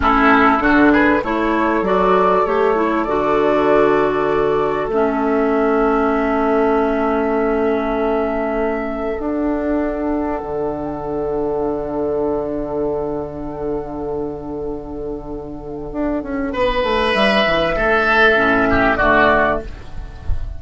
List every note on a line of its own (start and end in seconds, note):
0.00 0.60 A3
0.00 0.59 C#4
0.00 0.62 E4
0.00 0.92 A4
0.59 1.21 D3
0.59 1.20 D4
0.59 0.92 F#4
0.92 1.22 G#4
0.92 1.23 B4
1.22 1.81 A3
1.22 1.84 E4
1.22 16.52 A4
1.22 1.84 C#5
1.81 2.42 F#3
1.81 2.46 F#4
1.81 2.45 D5
2.45 3.06 A3
2.45 2.75 G4
2.45 3.03 C#5
2.75 3.06 E4
3.03 4.88 D3
3.03 4.91 F#4
3.03 4.87 D5
4.88 9.16 A3
4.88 9.19 C#4
4.88 9.20 E5
9.19 18.35 D4
9.19 10.42 D4
9.19 17.13 F#5
10.42 15.92 D3
15.92 16.22 D4
16.22 16.53 C#4
16.52 16.83 B3
16.52 17.75 B4
16.83 17.14 A3
17.13 17.45 G3
17.13 18.96 E5
17.45 17.76 E3
17.76 18.37 A3
17.76 18.67 A4
18.35 18.98 A2
18.35 18.96 C#4
18.70 18.97 G4
18.96 19.61 D3
18.96 19.62 A3
18.96 19.58 F#4
18.96 19.58 D5